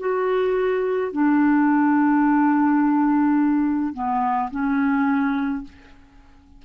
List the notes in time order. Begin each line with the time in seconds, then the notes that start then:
0.00 F#4
1.13 D4
3.94 B3
4.51 C#4